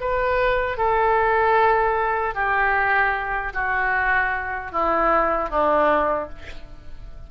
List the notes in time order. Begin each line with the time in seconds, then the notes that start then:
0.00 B4
0.78 A4
2.35 G4
3.53 F#4
4.72 E4
5.50 D4